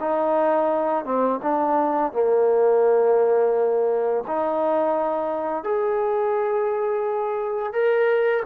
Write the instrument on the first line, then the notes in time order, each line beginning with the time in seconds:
trombone
0.00 D#4
1.05 C4
1.42 D4
2.12 A#3
4.27 D#4
5.63 G#4
7.73 A#4